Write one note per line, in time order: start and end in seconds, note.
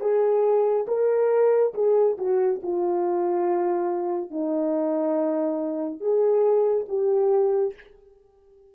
0.00 0.86 G#4
0.87 1.73 A#4
1.74 2.17 G#4
2.18 2.61 F#4
2.63 4.30 F4
4.30 6.00 D#4
6.00 6.86 G#4
6.88 7.74 G4